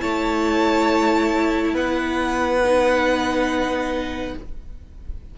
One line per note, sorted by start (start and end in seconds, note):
0.00 1.74 A3
0.00 2.61 E4
0.00 1.74 C#5
0.00 1.75 A5
1.74 4.34 B3
1.74 4.35 B4
1.74 4.38 F#5
2.65 4.39 D#4